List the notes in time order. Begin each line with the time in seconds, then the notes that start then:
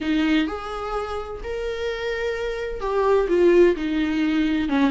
0.00 D#4
0.47 G#4
1.43 A#4
2.80 G4
3.28 F4
3.75 D#4
4.69 C#4